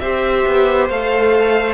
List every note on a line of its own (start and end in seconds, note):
0.00 0.45 C4
0.00 0.91 G4
0.00 1.75 C5
0.00 0.88 E5
0.47 0.90 B3
0.90 1.75 A3
0.90 1.75 A4
0.90 1.75 F5